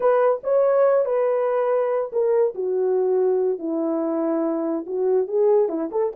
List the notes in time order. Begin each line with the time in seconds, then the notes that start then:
0.00 B4
0.43 C#5
1.05 B4
2.12 A#4
2.54 F#4
3.58 E4
4.86 F#4
5.27 G#4
5.68 E4
5.91 A4